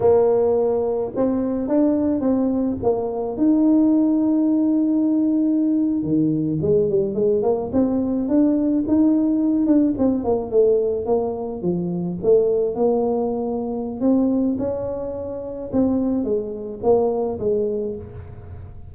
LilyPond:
\new Staff \with { instrumentName = "tuba" } { \time 4/4 \tempo 4 = 107 ais2 c'4 d'4 | c'4 ais4 dis'2~ | dis'2~ dis'8. dis4 gis16~ | gis16 g8 gis8 ais8 c'4 d'4 dis'16~ |
dis'4~ dis'16 d'8 c'8 ais8 a4 ais16~ | ais8. f4 a4 ais4~ ais16~ | ais4 c'4 cis'2 | c'4 gis4 ais4 gis4 | }